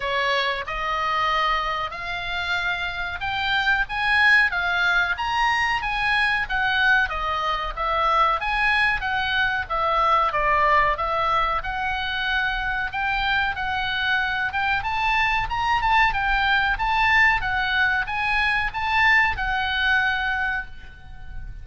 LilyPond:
\new Staff \with { instrumentName = "oboe" } { \time 4/4 \tempo 4 = 93 cis''4 dis''2 f''4~ | f''4 g''4 gis''4 f''4 | ais''4 gis''4 fis''4 dis''4 | e''4 gis''4 fis''4 e''4 |
d''4 e''4 fis''2 | g''4 fis''4. g''8 a''4 | ais''8 a''8 g''4 a''4 fis''4 | gis''4 a''4 fis''2 | }